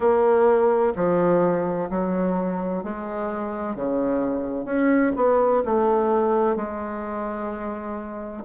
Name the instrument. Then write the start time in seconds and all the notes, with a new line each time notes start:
bassoon
0.00 A#3
0.95 F3
1.90 F#3
2.83 G#3
3.75 C#3
4.65 C#4
5.16 B3
5.65 A3
6.56 G#3